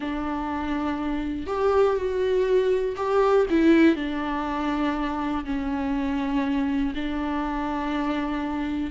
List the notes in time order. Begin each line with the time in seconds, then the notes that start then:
0.00 D4
1.47 G4
1.96 F#4
2.96 G4
3.50 E4
3.95 D4
5.44 C#4
6.94 D4